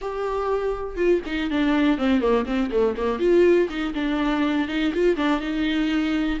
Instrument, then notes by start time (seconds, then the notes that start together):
viola
0.01 G4
0.96 F4
1.26 D#4
1.50 D4
1.98 C4
2.20 A#3
2.45 C4
2.71 A3
2.96 A#3
3.19 F4
3.69 D#4
3.94 D4
4.68 D#4
4.94 F4
5.16 D4
5.40 D#4